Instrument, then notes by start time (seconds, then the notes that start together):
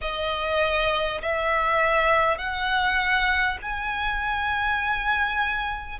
violin
0.01 D#5
1.21 E5
2.38 F#5
3.62 G#5